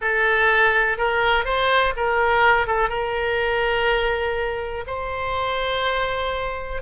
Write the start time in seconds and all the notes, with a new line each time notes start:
0.01 A4
0.97 A#4
1.44 C5
1.96 A#4
2.67 A4
2.89 A#4
4.86 C5